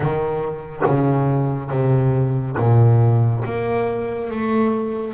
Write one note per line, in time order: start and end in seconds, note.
0.00 0.82 D#3
0.85 1.70 C#3
1.70 2.56 C3
2.57 3.43 A#2
3.44 4.30 A#3
4.30 5.14 A3